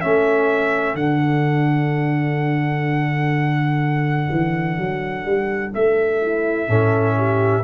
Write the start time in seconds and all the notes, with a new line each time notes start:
0.00 A3 C#4 A4 E5
0.93 D3 D4 F#5
4.30 E3
4.77 F#3
5.25 G3
5.74 A3 E5
6.21 E4
6.67 A2 C#4 A4
7.17 G4